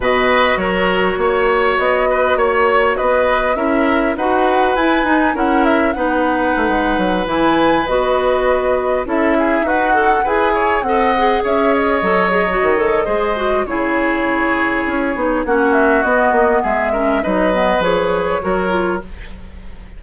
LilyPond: <<
  \new Staff \with { instrumentName = "flute" } { \time 4/4 \tempo 4 = 101 dis''4 cis''2 dis''4 | cis''4 dis''4 e''4 fis''4 | gis''4 fis''8 e''8 fis''2~ | fis''16 gis''4 dis''2 e''8.~ |
e''16 fis''4 gis''4 fis''4 e''8 dis''16~ | dis''2. cis''4~ | cis''2 fis''8 e''8 dis''4 | e''4 dis''4 cis''2 | }
  \new Staff \with { instrumentName = "oboe" } { \time 4/4 b'4 ais'4 cis''4. b'8 | cis''4 b'4 ais'4 b'4~ | b'4 ais'4 b'2~ | b'2.~ b'16 a'8 gis'16~ |
gis'16 fis'4 b'8 cis''8 dis''4 cis''8.~ | cis''2 c''4 gis'4~ | gis'2 fis'2 | gis'8 ais'8 b'2 ais'4 | }
  \new Staff \with { instrumentName = "clarinet" } { \time 4/4 fis'1~ | fis'2 e'4 fis'4 | e'8 dis'8 e'4 dis'2~ | dis'16 e'4 fis'2 e'8.~ |
e'16 b'8 a'8 gis'4 a'8 gis'4~ gis'16~ | gis'16 a'8 gis'16 fis'8 a'8 gis'8 fis'8 e'4~ | e'4. dis'8 cis'4 b4~ | b8 cis'8 dis'8 b8 gis'4 fis'8 f'8 | }
  \new Staff \with { instrumentName = "bassoon" } { \time 4/4 b,4 fis4 ais4 b4 | ais4 b4 cis'4 dis'4 | e'8 dis'8 cis'4 b4 a16 gis8 fis16~ | fis16 e4 b2 cis'8.~ |
cis'16 dis'4 e'4 c'4 cis'8.~ | cis'16 fis4 dis8. gis4 cis4~ | cis4 cis'8 b8 ais4 b8 ais8 | gis4 fis4 f4 fis4 | }
>>